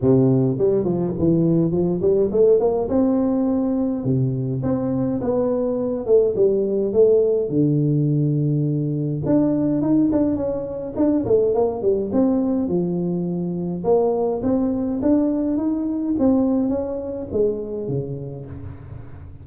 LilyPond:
\new Staff \with { instrumentName = "tuba" } { \time 4/4 \tempo 4 = 104 c4 g8 f8 e4 f8 g8 | a8 ais8 c'2 c4 | c'4 b4. a8 g4 | a4 d2. |
d'4 dis'8 d'8 cis'4 d'8 a8 | ais8 g8 c'4 f2 | ais4 c'4 d'4 dis'4 | c'4 cis'4 gis4 cis4 | }